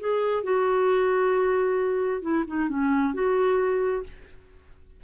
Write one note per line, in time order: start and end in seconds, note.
0.00 0.44 G#4
0.44 2.22 F#4
2.22 2.45 E4
2.47 2.69 D#4
2.69 3.14 C#4
3.14 4.04 F#4